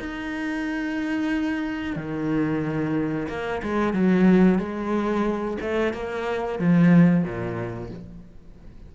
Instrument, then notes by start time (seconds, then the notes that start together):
cello
0.00 D#4
1.96 D#3
3.29 A#3
3.63 G#3
3.94 F#3
4.59 G#3
5.61 A3
5.93 A#3
6.59 F3
7.24 A#2